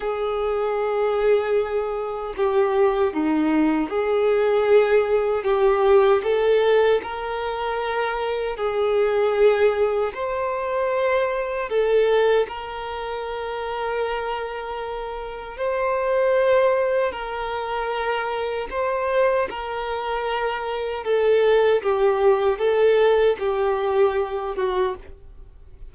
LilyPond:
\new Staff \with { instrumentName = "violin" } { \time 4/4 \tempo 4 = 77 gis'2. g'4 | dis'4 gis'2 g'4 | a'4 ais'2 gis'4~ | gis'4 c''2 a'4 |
ais'1 | c''2 ais'2 | c''4 ais'2 a'4 | g'4 a'4 g'4. fis'8 | }